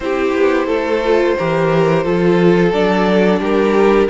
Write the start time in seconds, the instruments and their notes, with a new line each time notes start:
0.00 cello C4, viola E4, violin G4 C5
0.34 cello B3
0.66 cello A3, violin A4
1.04 viola F4
1.38 cello E3, viola G4, violin A#4
2.03 cello F3, viola F4, violin A4
2.72 cello F#3, viola D4, violin D5
3.40 cello G3, violin G4 A#4